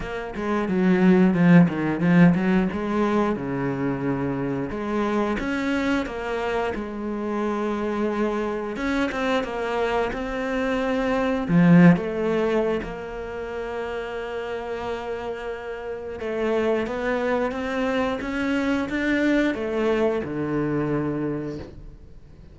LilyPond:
\new Staff \with { instrumentName = "cello" } { \time 4/4 \tempo 4 = 89 ais8 gis8 fis4 f8 dis8 f8 fis8 | gis4 cis2 gis4 | cis'4 ais4 gis2~ | gis4 cis'8 c'8 ais4 c'4~ |
c'4 f8. a4~ a16 ais4~ | ais1 | a4 b4 c'4 cis'4 | d'4 a4 d2 | }